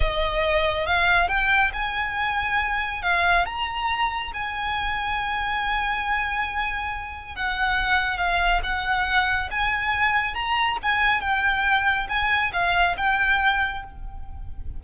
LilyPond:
\new Staff \with { instrumentName = "violin" } { \time 4/4 \tempo 4 = 139 dis''2 f''4 g''4 | gis''2. f''4 | ais''2 gis''2~ | gis''1~ |
gis''4 fis''2 f''4 | fis''2 gis''2 | ais''4 gis''4 g''2 | gis''4 f''4 g''2 | }